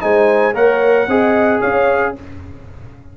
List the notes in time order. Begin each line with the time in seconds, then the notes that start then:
0.00 G#3 D#4 C5 G#5
0.54 A#3 A#4 C#5 F#5
1.07 C4 G#4 D#5
1.60 C#4 C#5 F5